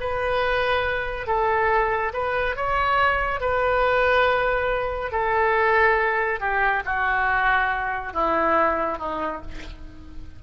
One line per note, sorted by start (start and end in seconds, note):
0.00 1.27 B4
1.27 2.12 A4
2.13 2.56 B4
2.56 3.41 C#5
3.41 5.12 B4
5.12 6.40 A4
6.40 6.83 G4
6.85 8.13 F#4
8.13 8.98 E4
8.98 9.41 D#4